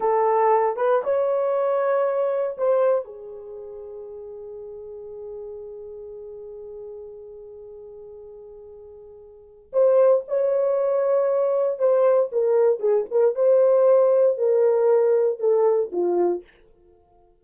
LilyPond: \new Staff \with { instrumentName = "horn" } { \time 4/4 \tempo 4 = 117 a'4. b'8 cis''2~ | cis''4 c''4 gis'2~ | gis'1~ | gis'1~ |
gis'2. c''4 | cis''2. c''4 | ais'4 gis'8 ais'8 c''2 | ais'2 a'4 f'4 | }